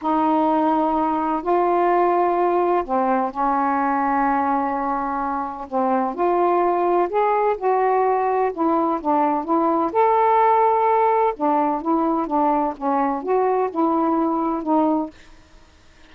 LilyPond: \new Staff \with { instrumentName = "saxophone" } { \time 4/4 \tempo 4 = 127 dis'2. f'4~ | f'2 c'4 cis'4~ | cis'1 | c'4 f'2 gis'4 |
fis'2 e'4 d'4 | e'4 a'2. | d'4 e'4 d'4 cis'4 | fis'4 e'2 dis'4 | }